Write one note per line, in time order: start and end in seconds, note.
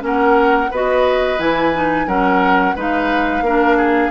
0.00 0.71 A#3
0.00 0.68 C#4
0.00 0.71 A#4
0.06 0.74 F#5
0.71 1.39 B3
0.71 1.39 F#4
0.71 2.07 B4
0.71 1.40 D#5
1.39 2.07 E3
1.39 1.73 E4
1.39 2.09 G#5
1.74 2.07 D#4
2.07 2.75 F#3
2.07 2.76 C#4
2.07 2.76 A#4
2.07 2.77 F#5
2.76 3.41 G#3
2.76 3.45 D#4
2.76 3.44 B4
2.76 4.12 F5
3.41 4.10 A#3
3.41 4.12 D4
3.41 3.78 A#4
3.78 4.12 G#4